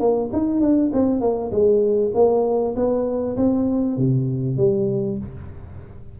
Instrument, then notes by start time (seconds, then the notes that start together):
tuba
0.00 A#3
0.33 D#4
0.61 D4
0.93 C4
1.21 A#3
1.51 G#3
2.14 A#3
2.76 B3
3.37 C4
3.97 C3
4.57 G3